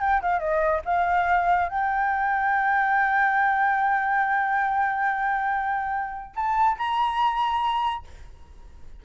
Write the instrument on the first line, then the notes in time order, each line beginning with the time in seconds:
flute
0.00 G5
0.22 F5
0.39 D#5
0.85 F5
1.69 G5
6.35 A5
6.78 A#5